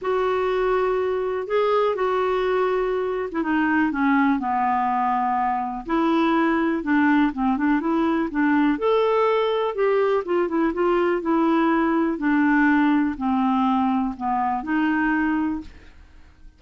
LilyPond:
\new Staff \with { instrumentName = "clarinet" } { \time 4/4 \tempo 4 = 123 fis'2. gis'4 | fis'2~ fis'8. e'16 dis'4 | cis'4 b2. | e'2 d'4 c'8 d'8 |
e'4 d'4 a'2 | g'4 f'8 e'8 f'4 e'4~ | e'4 d'2 c'4~ | c'4 b4 dis'2 | }